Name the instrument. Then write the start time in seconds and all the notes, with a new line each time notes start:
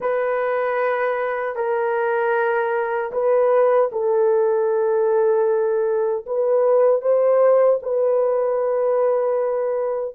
horn
0.00 B4
1.55 A#4
3.12 B4
3.92 A4
6.26 B4
7.01 C5
7.82 B4